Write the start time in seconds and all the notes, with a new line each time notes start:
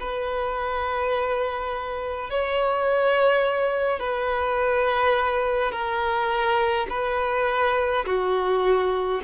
0.00 B4
2.30 C#5
3.99 B4
5.71 A#4
6.90 B4
8.06 F#4